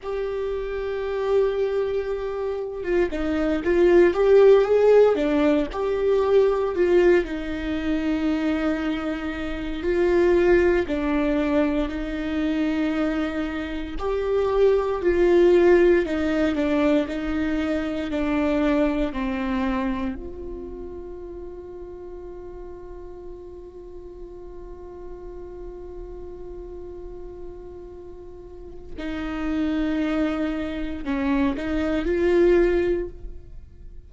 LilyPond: \new Staff \with { instrumentName = "viola" } { \time 4/4 \tempo 4 = 58 g'2~ g'8. f'16 dis'8 f'8 | g'8 gis'8 d'8 g'4 f'8 dis'4~ | dis'4. f'4 d'4 dis'8~ | dis'4. g'4 f'4 dis'8 |
d'8 dis'4 d'4 c'4 f'8~ | f'1~ | f'1 | dis'2 cis'8 dis'8 f'4 | }